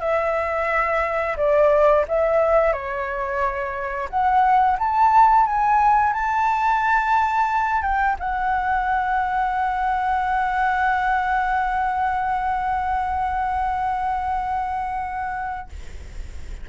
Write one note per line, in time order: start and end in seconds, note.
0.00 1.36 E5
1.37 2.05 D5
2.08 2.73 E5
2.73 4.09 C#5
4.09 4.78 F#5
4.79 5.46 A5
5.46 6.13 G#5
6.13 7.82 A5
7.82 8.16 G5
8.19 15.69 F#5